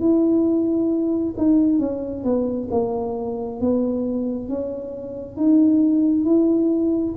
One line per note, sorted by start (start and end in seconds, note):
0.00 1.34 E4
1.37 1.79 D#4
1.79 2.24 C#4
2.24 2.69 B3
2.71 3.61 A#3
3.61 4.49 B3
4.49 5.36 C#4
5.36 6.25 D#4
6.25 7.14 E4